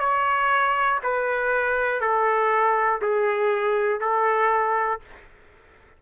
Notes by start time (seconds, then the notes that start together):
0.00 C#5
1.04 B4
2.01 A4
3.02 G#4
4.00 A4